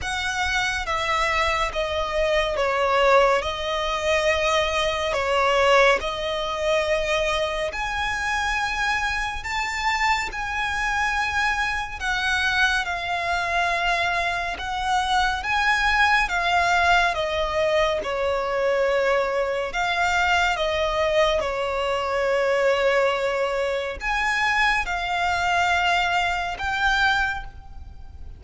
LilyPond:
\new Staff \with { instrumentName = "violin" } { \time 4/4 \tempo 4 = 70 fis''4 e''4 dis''4 cis''4 | dis''2 cis''4 dis''4~ | dis''4 gis''2 a''4 | gis''2 fis''4 f''4~ |
f''4 fis''4 gis''4 f''4 | dis''4 cis''2 f''4 | dis''4 cis''2. | gis''4 f''2 g''4 | }